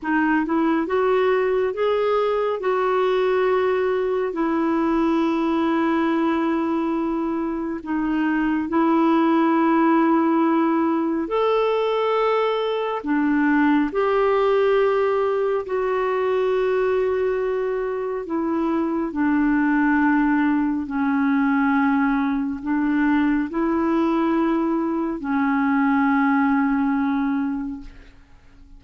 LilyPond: \new Staff \with { instrumentName = "clarinet" } { \time 4/4 \tempo 4 = 69 dis'8 e'8 fis'4 gis'4 fis'4~ | fis'4 e'2.~ | e'4 dis'4 e'2~ | e'4 a'2 d'4 |
g'2 fis'2~ | fis'4 e'4 d'2 | cis'2 d'4 e'4~ | e'4 cis'2. | }